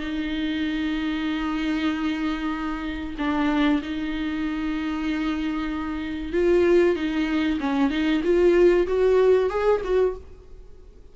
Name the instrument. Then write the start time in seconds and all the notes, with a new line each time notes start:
viola
0.00 D#4
3.18 D4
3.83 D#4
6.33 F4
6.96 D#4
7.60 C#4
7.91 D#4
8.24 F4
8.87 F#4
9.50 G#4
9.84 F#4